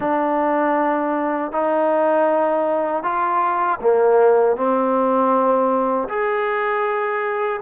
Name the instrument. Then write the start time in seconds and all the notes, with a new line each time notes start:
trombone
0.00 D4
1.52 D#4
3.03 F4
3.80 A#3
4.56 C4
6.08 G#4